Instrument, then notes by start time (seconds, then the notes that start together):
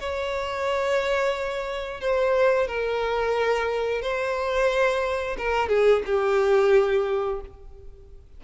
violin
0.00 C#5
2.01 C5
2.68 A#4
4.02 C5
5.38 A#4
5.69 G#4
6.06 G4